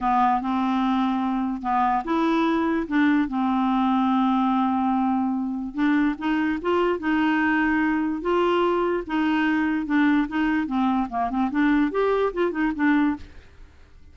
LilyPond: \new Staff \with { instrumentName = "clarinet" } { \time 4/4 \tempo 4 = 146 b4 c'2. | b4 e'2 d'4 | c'1~ | c'2 d'4 dis'4 |
f'4 dis'2. | f'2 dis'2 | d'4 dis'4 c'4 ais8 c'8 | d'4 g'4 f'8 dis'8 d'4 | }